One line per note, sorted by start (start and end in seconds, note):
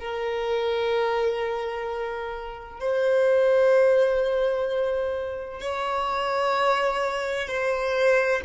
0.00 2.80 A#4
2.80 5.61 C5
5.61 7.48 C#5
7.48 8.42 C5